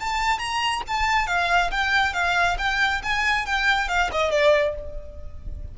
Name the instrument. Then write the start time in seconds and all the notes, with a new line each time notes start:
violin
0.00 A5
0.39 A#5
0.87 A5
1.27 F5
1.71 G5
2.13 F5
2.58 G5
3.03 G#5
3.46 G5
3.88 F5
4.12 D#5
4.31 D5